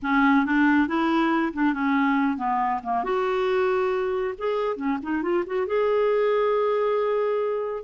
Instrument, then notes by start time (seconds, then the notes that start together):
clarinet
0.02 C#4
0.45 D4
0.87 E4
1.53 D4
1.73 C#4
2.37 B3
2.83 A#3
3.03 F#4
4.37 G#4
4.76 C#4
5.02 D#4
5.22 F4
5.46 F#4
5.67 G#4